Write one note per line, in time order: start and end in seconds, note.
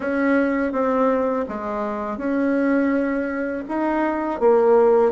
0.00 0.72 C#4
0.72 1.45 C4
1.48 2.17 G#3
2.17 3.64 C#4
3.68 4.40 D#4
4.40 5.11 A#3